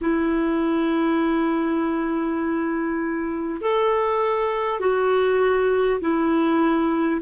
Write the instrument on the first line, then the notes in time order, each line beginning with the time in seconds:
clarinet
0.01 E4
3.61 A4
4.80 F#4
6.00 E4